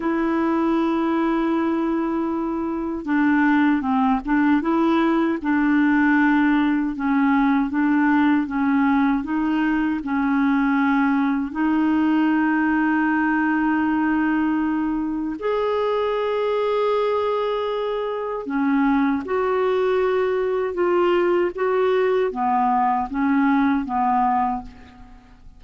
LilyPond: \new Staff \with { instrumentName = "clarinet" } { \time 4/4 \tempo 4 = 78 e'1 | d'4 c'8 d'8 e'4 d'4~ | d'4 cis'4 d'4 cis'4 | dis'4 cis'2 dis'4~ |
dis'1 | gis'1 | cis'4 fis'2 f'4 | fis'4 b4 cis'4 b4 | }